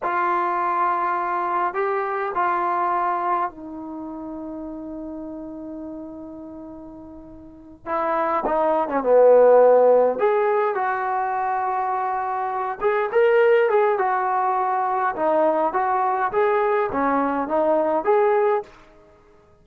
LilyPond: \new Staff \with { instrumentName = "trombone" } { \time 4/4 \tempo 4 = 103 f'2. g'4 | f'2 dis'2~ | dis'1~ | dis'4. e'4 dis'8. cis'16 b8~ |
b4. gis'4 fis'4.~ | fis'2 gis'8 ais'4 gis'8 | fis'2 dis'4 fis'4 | gis'4 cis'4 dis'4 gis'4 | }